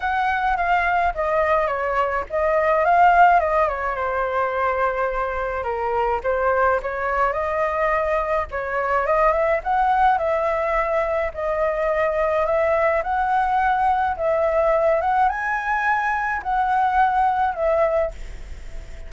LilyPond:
\new Staff \with { instrumentName = "flute" } { \time 4/4 \tempo 4 = 106 fis''4 f''4 dis''4 cis''4 | dis''4 f''4 dis''8 cis''8 c''4~ | c''2 ais'4 c''4 | cis''4 dis''2 cis''4 |
dis''8 e''8 fis''4 e''2 | dis''2 e''4 fis''4~ | fis''4 e''4. fis''8 gis''4~ | gis''4 fis''2 e''4 | }